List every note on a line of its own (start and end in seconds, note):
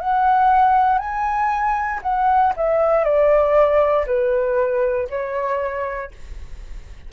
0.00 0.98 F#5
0.98 2.00 G#5
2.02 2.53 F#5
2.57 3.04 E5
3.04 4.06 D5
4.06 5.08 B4
5.09 6.11 C#5